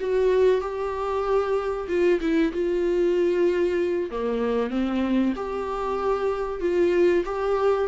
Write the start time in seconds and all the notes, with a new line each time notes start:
0.00 F#4
0.61 G4
1.88 F4
2.20 E4
2.52 F4
4.11 A#3
4.70 C4
5.36 G4
6.61 F4
7.25 G4